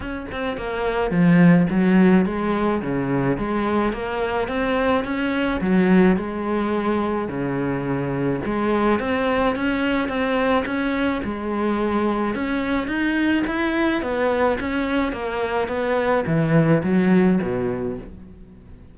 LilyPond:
\new Staff \with { instrumentName = "cello" } { \time 4/4 \tempo 4 = 107 cis'8 c'8 ais4 f4 fis4 | gis4 cis4 gis4 ais4 | c'4 cis'4 fis4 gis4~ | gis4 cis2 gis4 |
c'4 cis'4 c'4 cis'4 | gis2 cis'4 dis'4 | e'4 b4 cis'4 ais4 | b4 e4 fis4 b,4 | }